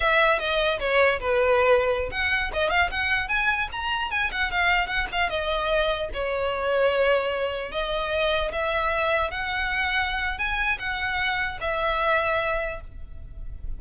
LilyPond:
\new Staff \with { instrumentName = "violin" } { \time 4/4 \tempo 4 = 150 e''4 dis''4 cis''4 b'4~ | b'4~ b'16 fis''4 dis''8 f''8 fis''8.~ | fis''16 gis''4 ais''4 gis''8 fis''8 f''8.~ | f''16 fis''8 f''8 dis''2 cis''8.~ |
cis''2.~ cis''16 dis''8.~ | dis''4~ dis''16 e''2 fis''8.~ | fis''2 gis''4 fis''4~ | fis''4 e''2. | }